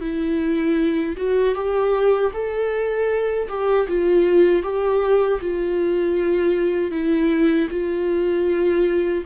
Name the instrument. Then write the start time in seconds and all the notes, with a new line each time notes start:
viola
0.00 E4
1.16 F#4
1.54 G4
2.33 A4
3.48 G4
3.88 F4
4.62 G4
5.40 F4
6.91 E4
7.70 F4